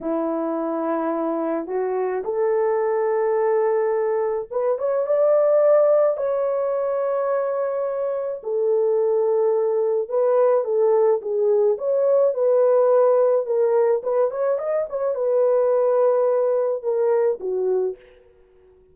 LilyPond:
\new Staff \with { instrumentName = "horn" } { \time 4/4 \tempo 4 = 107 e'2. fis'4 | a'1 | b'8 cis''8 d''2 cis''4~ | cis''2. a'4~ |
a'2 b'4 a'4 | gis'4 cis''4 b'2 | ais'4 b'8 cis''8 dis''8 cis''8 b'4~ | b'2 ais'4 fis'4 | }